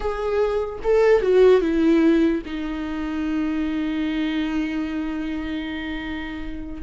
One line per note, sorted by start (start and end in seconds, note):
0.00 0.79 G#4
0.83 1.22 A4
1.22 1.61 F#4
1.61 2.41 E4
2.45 6.82 D#4